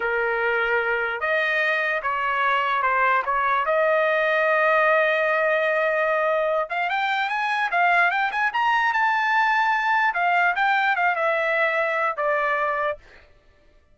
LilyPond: \new Staff \with { instrumentName = "trumpet" } { \time 4/4 \tempo 4 = 148 ais'2. dis''4~ | dis''4 cis''2 c''4 | cis''4 dis''2.~ | dis''1~ |
dis''8 f''8 g''4 gis''4 f''4 | g''8 gis''8 ais''4 a''2~ | a''4 f''4 g''4 f''8 e''8~ | e''2 d''2 | }